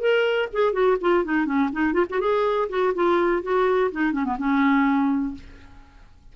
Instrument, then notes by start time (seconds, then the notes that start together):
clarinet
0.00 A#4
0.53 G#4
0.73 F#4
1.01 F4
1.24 D#4
1.45 C#4
1.72 D#4
1.93 F4
2.10 F#4
2.20 G#4
2.69 F#4
2.94 F4
3.42 F#4
3.91 D#4
4.12 C#4
4.24 B3
4.38 C#4